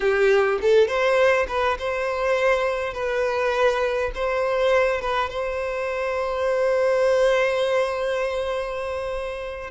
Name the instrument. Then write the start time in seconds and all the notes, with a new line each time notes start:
violin
0.00 G4
0.61 A4
0.87 C5
1.48 B4
1.79 C5
2.93 B4
4.14 C5
5.01 B4
5.29 C5